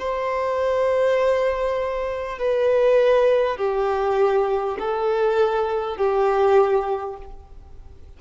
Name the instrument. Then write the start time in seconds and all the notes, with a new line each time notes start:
violin
0.00 C5
2.39 B4
3.57 G4
4.79 A4
5.97 G4